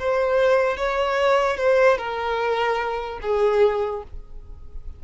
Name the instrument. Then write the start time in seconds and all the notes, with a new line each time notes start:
violin
0.00 C5
0.78 C#5
1.57 C5
1.98 A#4
3.22 G#4